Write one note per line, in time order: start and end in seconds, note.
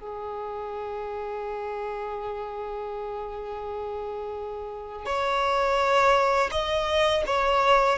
0.00 5.05 G#4
5.05 6.50 C#5
6.51 7.24 D#5
7.27 7.98 C#5